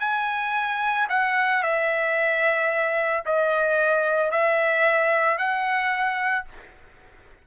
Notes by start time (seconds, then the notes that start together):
0.00 G#5
1.09 F#5
1.63 E5
3.25 D#5
4.31 E5
5.38 F#5